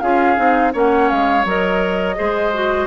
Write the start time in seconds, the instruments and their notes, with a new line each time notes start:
0.00 bassoon C#4, clarinet F4, oboe G#4, flute F5
0.36 bassoon C4, clarinet D#4
0.72 bassoon A#3, clarinet C#4, oboe C#5, flute F#5
1.09 bassoon G#3, flute F5
1.45 bassoon F#3, clarinet A#4, flute D#5
2.15 bassoon G#3, clarinet G#4, oboe C5
2.53 clarinet F#4